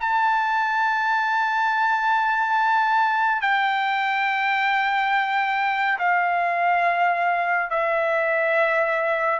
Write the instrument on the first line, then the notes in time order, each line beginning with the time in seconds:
trumpet
0.00 A5
3.41 G5
5.99 F5
7.70 E5